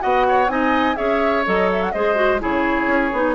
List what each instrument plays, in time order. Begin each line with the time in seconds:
0.00 bassoon B3, clarinet F#4, oboe D#5, flute F#5
0.28 oboe C#5
0.48 bassoon C4, clarinet D#4, oboe D#5, flute G#5
0.96 bassoon C#4, clarinet G#4, oboe C#5, flute E5
1.45 bassoon F#3, clarinet A4, flute D#5
1.72 flute E5
1.83 flute F#5
1.92 bassoon G#3, clarinet G#4, oboe C5, flute D#5
2.15 clarinet F#4
2.39 bassoon C#3, clarinet E4, oboe G#4, flute C#5
2.87 bassoon C#4
3.13 bassoon B3, clarinet D#4